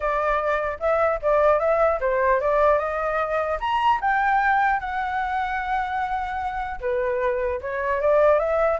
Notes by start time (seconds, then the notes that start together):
0.00 D5
0.79 E5
1.22 D5
1.59 E5
2.00 C5
2.40 D5
2.78 D#5
3.60 A#5
4.00 G5
4.79 F#5
6.80 B4
7.61 C#5
8.01 D5
8.39 E5